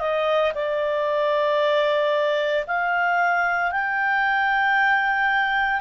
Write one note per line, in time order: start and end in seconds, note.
0.00 0.53 D#5
0.55 2.66 D5
2.67 3.71 F5
3.71 5.81 G5